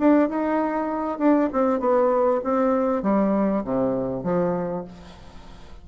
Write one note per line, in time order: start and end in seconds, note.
0.00 0.29 D4
0.29 1.19 D#4
1.19 1.50 D4
1.53 1.80 C4
1.80 2.42 B3
2.44 3.03 C4
3.03 3.64 G3
3.65 4.24 C3
4.24 4.85 F3